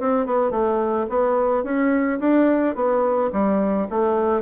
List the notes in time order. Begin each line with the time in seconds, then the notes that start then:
0.00 C4
0.26 B3
0.51 A3
1.09 B3
1.64 C#4
2.19 D4
2.75 B3
3.32 G3
3.90 A3